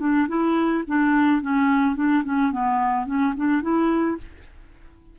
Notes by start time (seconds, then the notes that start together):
0.00 D4
0.29 E4
0.88 D4
1.42 C#4
1.96 D4
2.24 C#4
2.52 B3
3.06 C#4
3.37 D4
3.62 E4